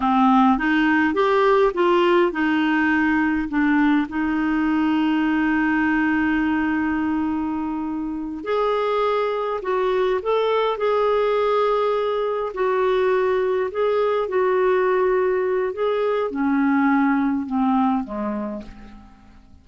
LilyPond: \new Staff \with { instrumentName = "clarinet" } { \time 4/4 \tempo 4 = 103 c'4 dis'4 g'4 f'4 | dis'2 d'4 dis'4~ | dis'1~ | dis'2~ dis'8 gis'4.~ |
gis'8 fis'4 a'4 gis'4.~ | gis'4. fis'2 gis'8~ | gis'8 fis'2~ fis'8 gis'4 | cis'2 c'4 gis4 | }